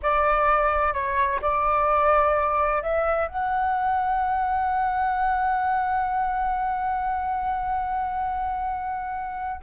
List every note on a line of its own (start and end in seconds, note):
0.02 0.93 D5
0.93 1.40 C#5
1.41 2.82 D5
2.82 3.27 E5
3.27 9.60 F#5